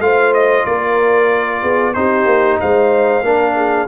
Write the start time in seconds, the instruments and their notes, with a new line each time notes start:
0.00 tuba A3, trombone F4, horn C5, trumpet F5
0.34 trumpet D#5
0.66 tuba A#3, horn A#4, trumpet D5
1.62 tuba B3, horn G#4
1.94 tuba C4, trombone D#4, horn G4, trumpet C5
2.26 tuba A#3
2.61 tuba G#3, horn C5, trumpet F5
3.22 tuba A#3, trombone D4, horn A#4
3.56 horn G#4